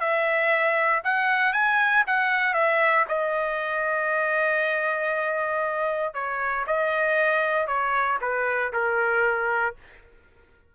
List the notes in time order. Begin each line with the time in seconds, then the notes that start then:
0.00 E5
1.04 F#5
1.53 G#5
2.07 F#5
2.54 E5
3.08 D#5
6.14 C#5
6.67 D#5
7.67 C#5
8.21 B4
8.73 A#4